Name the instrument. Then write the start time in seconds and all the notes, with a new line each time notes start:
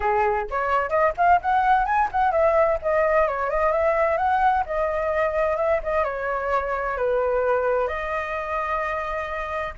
flute
0.00 G#4
0.50 C#5
0.89 D#5
1.17 F5
1.41 F#5
1.85 G#5
2.11 F#5
2.31 E5
2.82 D#5
3.27 C#5
3.50 D#5
3.71 E5
4.17 F#5
4.66 D#5
5.57 E5
5.83 D#5
6.04 C#5
6.97 B4
7.87 D#5